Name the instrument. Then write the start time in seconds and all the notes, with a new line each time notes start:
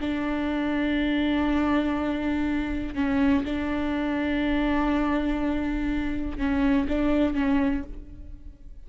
viola
0.00 D4
2.94 C#4
3.44 D4
6.38 C#4
6.88 D4
7.34 C#4